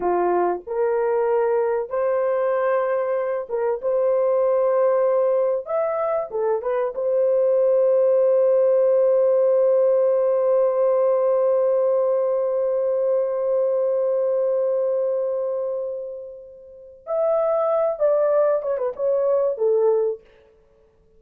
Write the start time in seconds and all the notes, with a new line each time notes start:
0.00 F4
0.67 A#4
1.89 C5
3.49 A#4
3.81 C5
5.66 E5
6.30 A4
6.62 B4
6.94 C5
17.06 E5
17.99 D5
18.62 C#5
18.77 B4
18.96 C#5
19.57 A4